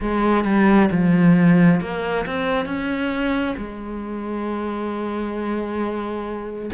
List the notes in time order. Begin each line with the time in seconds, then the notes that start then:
0.00 G#3
0.44 G3
0.91 F3
1.80 A#3
2.26 C4
2.65 C#4
3.57 G#3